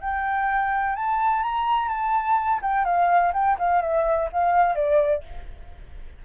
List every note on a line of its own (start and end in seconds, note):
0.00 0.95 G5
0.95 1.43 A5
1.43 1.88 A#5
1.88 2.60 A5
2.62 2.85 G5
2.85 3.32 F5
3.33 3.57 G5
3.58 3.81 F5
3.81 4.29 E5
4.32 4.75 F5
4.75 5.23 D5